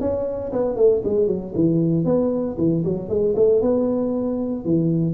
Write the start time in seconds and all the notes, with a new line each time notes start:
0.00 C#4
0.52 B3
0.76 A3
1.04 G#3
1.27 F#3
1.54 E3
2.05 B3
2.58 E3
2.84 F#3
3.08 G#3
3.36 A3
3.61 B3
4.65 E3